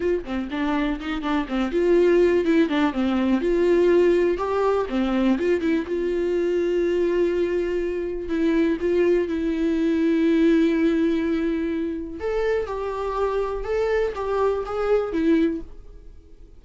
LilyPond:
\new Staff \with { instrumentName = "viola" } { \time 4/4 \tempo 4 = 123 f'8 c'8 d'4 dis'8 d'8 c'8 f'8~ | f'4 e'8 d'8 c'4 f'4~ | f'4 g'4 c'4 f'8 e'8 | f'1~ |
f'4 e'4 f'4 e'4~ | e'1~ | e'4 a'4 g'2 | a'4 g'4 gis'4 e'4 | }